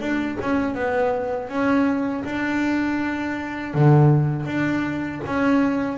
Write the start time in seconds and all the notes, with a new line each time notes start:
0.00 D4
0.41 C#4
0.75 B3
1.49 C#4
2.24 D4
3.74 D3
4.46 D4
5.26 C#4